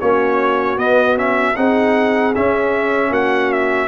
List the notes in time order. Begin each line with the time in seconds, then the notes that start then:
0.00 A#3 C#4 F#4 C#5
0.77 B3 D#5
1.16 C#4 E5
1.56 C4 D#4 G#4 F#5
2.35 C#4 E5
3.10 A#3 F#4 F#5
3.52 E5